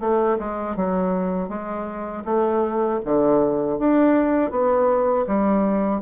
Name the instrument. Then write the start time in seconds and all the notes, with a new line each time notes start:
bassoon
0.00 A3
0.39 G#3
0.76 F#3
1.49 G#3
2.25 A3
3.05 D3
3.79 D4
4.51 B3
5.27 G3